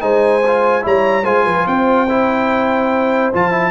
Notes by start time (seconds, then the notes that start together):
0.00 G#3 D#4 C5 G#5
0.46 F4
0.82 G3 E4 C#5 A#5
1.24 G#3 F4 C5 G#5
1.44 F3 B4
1.67 C4 C5 G5
2.09 E4
3.33 F3 F4 A5
3.51 E4